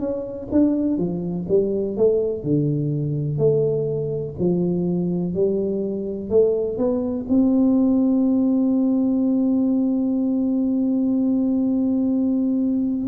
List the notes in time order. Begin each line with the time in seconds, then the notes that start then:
0.00 C#4
0.52 D4
0.98 F3
1.49 G3
1.98 A3
2.43 D3
3.38 A3
4.39 F3
5.34 G3
6.30 A3
6.78 B3
7.29 C4